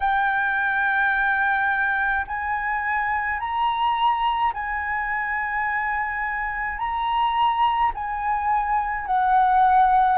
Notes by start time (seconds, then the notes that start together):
0.00 G5
2.26 G#5
3.40 A#5
4.53 G#5
6.78 A#5
7.94 G#5
9.06 F#5